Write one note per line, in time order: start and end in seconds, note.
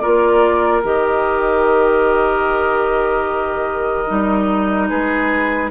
0.00 0.84 A#3
0.00 0.83 F4
0.00 4.88 A#4
0.00 0.81 D5
0.83 4.08 D#3
0.83 4.07 G4
0.83 4.89 D#5
4.07 4.91 G3
4.07 5.70 D#4
4.89 5.71 G#3
4.89 5.70 G#4
4.89 5.70 B4